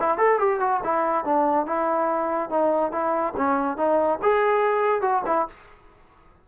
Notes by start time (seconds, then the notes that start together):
0.00 E4
0.18 A4
0.39 G4
0.60 F#4
0.84 E4
1.25 D4
1.67 E4
2.50 D#4
2.92 E4
3.37 C#4
3.77 D#4
4.23 G#4
5.02 F#4
5.27 E4